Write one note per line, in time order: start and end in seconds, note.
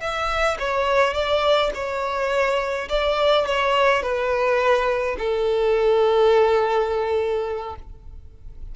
0.00 0.57 E5
0.59 1.14 C#5
1.14 1.71 D5
1.74 2.88 C#5
2.89 3.46 D5
3.46 4.02 C#5
4.02 5.16 B4
5.18 7.75 A4